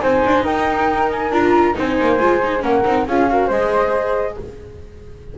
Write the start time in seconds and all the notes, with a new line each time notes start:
0.00 C4 D#4 C5 G#5
0.26 D4
0.44 D#4 A#4 G5
1.11 G#5
1.31 D4 F4 A#5
1.74 C4 D#4 C5 G#5
2.01 A#3
2.20 G#3 F4
2.43 D#4
2.60 A#3 C#4 A#4 F#5
2.85 C4 D#4
3.07 C#4 F4 G#4 F5
3.30 F#4 A#4
3.47 G#3 G#4 C5 D#5